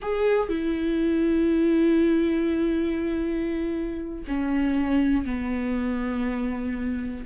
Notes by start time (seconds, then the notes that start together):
0.01 G#4
0.49 E4
4.27 C#4
5.25 B3